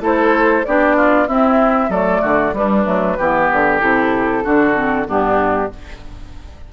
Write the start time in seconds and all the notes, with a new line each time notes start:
0.00 A3 E4 A4 C5
0.65 B3 D4 G4 D5
0.96 F4
1.27 C4 E4 E5
1.89 F#3 A3 A4 D5
2.21 D3 F#4
2.53 G3 D4 B4
2.85 F#3 A3
3.17 E3 B3 G4
3.52 D3
3.79 C3 E4 A4
4.43 D3 D4 F#4
4.74 C4
5.06 G2 B3 D4 G4